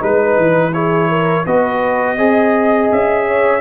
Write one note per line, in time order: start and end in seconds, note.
0.00 0.37 G#3
0.00 0.72 D#4
0.00 0.73 B4
0.37 1.46 E3
0.73 1.46 E4
0.73 1.09 G#4
0.73 1.46 C#5
1.09 1.45 A#4
1.46 2.18 B3
1.46 2.18 F#4
1.46 2.17 B4
1.46 2.91 D#5
2.17 2.90 C4
2.17 3.61 G#4
2.17 3.25 D#5
2.92 3.61 C#4
2.92 3.61 E5
3.27 3.61 C#5